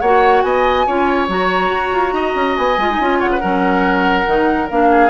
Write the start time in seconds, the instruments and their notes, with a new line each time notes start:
0.00 bassoon A#3, clarinet F#4, oboe C#5, flute F#5
0.42 bassoon B3, oboe D#5, flute G#5
0.87 bassoon C#4, clarinet F4, oboe C#5
1.28 bassoon F#3, clarinet F#4, flute A#5
1.70 bassoon F#4
1.92 bassoon F4
2.13 bassoon D#4, oboe D#5
2.35 bassoon C#4
2.57 bassoon B3, flute G#5
2.78 bassoon G#3, clarinet F4
2.91 clarinet D#4
3.01 bassoon C#4, clarinet F4
3.19 bassoon C#3, oboe C#5, flute F#5
3.32 oboe B4
3.41 bassoon F#3, clarinet C#4, oboe A#4
4.26 bassoon D#3, clarinet D#4
4.70 bassoon A#3, clarinet D4, flute F5
4.91 oboe G#4